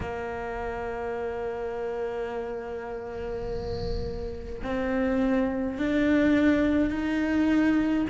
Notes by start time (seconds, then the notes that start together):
0.00 A#3
4.63 C4
5.78 D4
6.90 D#4